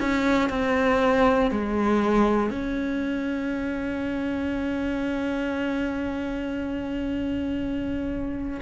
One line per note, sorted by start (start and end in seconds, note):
0.00 0.49 C#4
0.49 1.51 C4
1.51 2.51 G#3
2.51 8.61 C#4